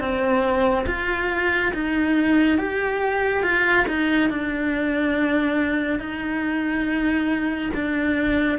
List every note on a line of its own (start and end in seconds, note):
0.00 0.86 C4
0.86 1.72 F4
1.73 2.58 D#4
2.58 3.43 G4
3.43 3.86 F4
3.87 4.29 D#4
4.29 5.99 D4
5.99 7.70 D#4
7.74 8.58 D4